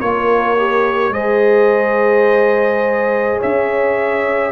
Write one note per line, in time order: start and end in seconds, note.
0.00 1.09 A#3
0.00 0.57 F4
0.00 1.13 A#4
0.00 1.13 C#5
0.57 1.13 G4
1.09 3.36 G#3
1.09 4.51 G#4
1.09 3.38 C5
1.09 3.39 D#5
3.38 4.51 C#4
3.38 4.51 C#5
3.38 4.51 E5